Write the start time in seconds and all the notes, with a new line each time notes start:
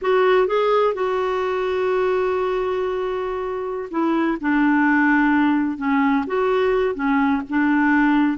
0.01 F#4
0.47 G#4
0.94 F#4
3.90 E4
4.40 D4
5.77 C#4
6.26 F#4
6.94 C#4
7.49 D4